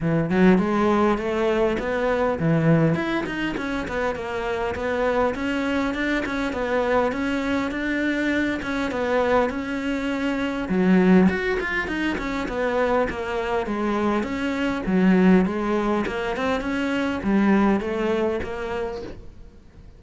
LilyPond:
\new Staff \with { instrumentName = "cello" } { \time 4/4 \tempo 4 = 101 e8 fis8 gis4 a4 b4 | e4 e'8 dis'8 cis'8 b8 ais4 | b4 cis'4 d'8 cis'8 b4 | cis'4 d'4. cis'8 b4 |
cis'2 fis4 fis'8 f'8 | dis'8 cis'8 b4 ais4 gis4 | cis'4 fis4 gis4 ais8 c'8 | cis'4 g4 a4 ais4 | }